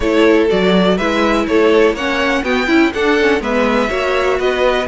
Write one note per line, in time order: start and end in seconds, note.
0.00 0.49 A3
0.00 0.49 E4
0.00 0.96 A4
0.00 0.48 C#5
0.49 0.98 F#3
0.49 0.97 F#4
0.49 0.97 D5
0.96 1.47 G#3
0.96 1.97 E4
0.96 1.45 B4
0.96 1.46 E5
1.47 1.92 A3
1.47 1.94 A4
1.47 1.95 C#5
1.92 2.41 A#3
1.92 2.44 C#4
1.92 2.43 C#5
1.92 2.44 F#5
2.42 2.67 B3
2.42 2.68 B3
2.42 2.66 F#4
2.42 2.92 G5
2.66 2.92 C#4
2.66 2.90 E4
2.66 2.92 E4
2.93 3.40 D4
2.93 3.19 D4
2.93 3.42 A4
2.93 3.42 F#5
3.19 3.40 C#4
3.40 3.89 G#3
3.40 3.88 B3
3.40 3.89 B4
3.40 4.40 E5
3.88 4.39 A#3
3.88 4.85 F#4
3.88 4.38 C#5
4.38 4.87 B3
4.38 4.87 B4
4.38 4.87 D#5